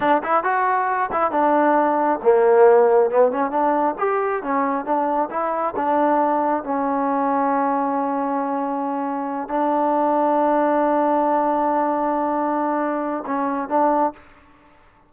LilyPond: \new Staff \with { instrumentName = "trombone" } { \time 4/4 \tempo 4 = 136 d'8 e'8 fis'4. e'8 d'4~ | d'4 ais2 b8 cis'8 | d'4 g'4 cis'4 d'4 | e'4 d'2 cis'4~ |
cis'1~ | cis'4. d'2~ d'8~ | d'1~ | d'2 cis'4 d'4 | }